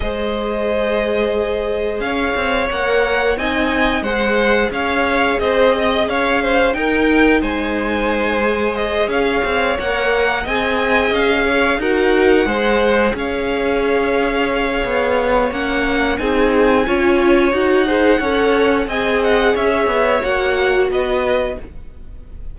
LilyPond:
<<
  \new Staff \with { instrumentName = "violin" } { \time 4/4 \tempo 4 = 89 dis''2. f''4 | fis''4 gis''4 fis''4 f''4 | dis''4 f''4 g''4 gis''4~ | gis''4 dis''8 f''4 fis''4 gis''8~ |
gis''8 f''4 fis''2 f''8~ | f''2. fis''4 | gis''2 fis''2 | gis''8 fis''8 e''4 fis''4 dis''4 | }
  \new Staff \with { instrumentName = "violin" } { \time 4/4 c''2. cis''4~ | cis''4 dis''4 c''4 cis''4 | c''8 dis''8 cis''8 c''8 ais'4 c''4~ | c''4. cis''2 dis''8~ |
dis''4 cis''8 ais'4 c''4 cis''8~ | cis''1 | gis'4 cis''4. c''8 cis''4 | dis''4 cis''2 b'4 | }
  \new Staff \with { instrumentName = "viola" } { \time 4/4 gis'1 | ais'4 dis'4 gis'2~ | gis'2 dis'2~ | dis'8 gis'2 ais'4 gis'8~ |
gis'4. fis'4 gis'4.~ | gis'2. cis'4 | dis'4 f'4 fis'8 gis'8 a'4 | gis'2 fis'2 | }
  \new Staff \with { instrumentName = "cello" } { \time 4/4 gis2. cis'8 c'8 | ais4 c'4 gis4 cis'4 | c'4 cis'4 dis'4 gis4~ | gis4. cis'8 c'8 ais4 c'8~ |
c'8 cis'4 dis'4 gis4 cis'8~ | cis'2 b4 ais4 | c'4 cis'4 dis'4 cis'4 | c'4 cis'8 b8 ais4 b4 | }
>>